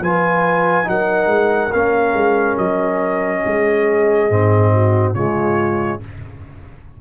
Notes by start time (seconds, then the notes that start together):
0.00 F3 F4 B4 G#5
0.84 F#3 D#4 A#4 F#5
1.26 G#3
1.72 A#3 C#4 F5
2.13 G#3
2.57 F#3 D#5
3.44 G#3 G#4
4.29 G#2 C4
4.73 F#4
5.14 C#3 G#3 F4 C#5